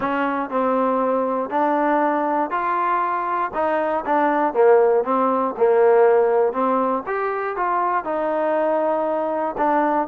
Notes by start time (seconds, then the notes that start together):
0.00 C#4
0.50 C4
1.50 D4
2.50 F4
3.54 D#4
4.05 D4
4.53 A#3
5.04 C4
5.57 A#3
6.52 C4
7.06 G4
7.56 F4
8.04 D#4
9.57 D4